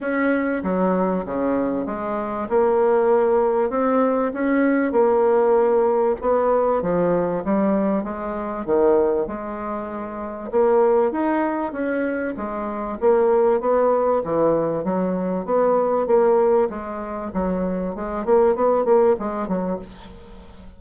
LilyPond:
\new Staff \with { instrumentName = "bassoon" } { \time 4/4 \tempo 4 = 97 cis'4 fis4 cis4 gis4 | ais2 c'4 cis'4 | ais2 b4 f4 | g4 gis4 dis4 gis4~ |
gis4 ais4 dis'4 cis'4 | gis4 ais4 b4 e4 | fis4 b4 ais4 gis4 | fis4 gis8 ais8 b8 ais8 gis8 fis8 | }